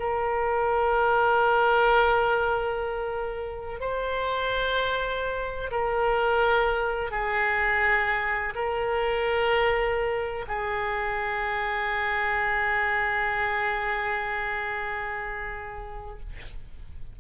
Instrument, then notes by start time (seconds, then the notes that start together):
oboe
0.00 A#4
3.81 C5
5.71 A#4
7.11 G#4
8.55 A#4
10.48 G#4